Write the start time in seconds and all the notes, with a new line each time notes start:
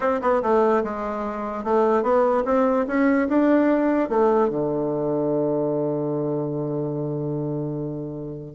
0.00 C4
0.21 B3
0.42 A3
0.83 G#3
1.64 A3
2.02 B3
2.45 C4
2.87 C#4
3.28 D4
4.09 A3
4.49 D3